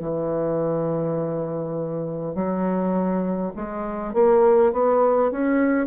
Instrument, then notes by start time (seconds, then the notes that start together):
bassoon
0.00 E3
2.35 F#3
3.56 G#3
4.13 A#3
4.72 B3
5.32 C#4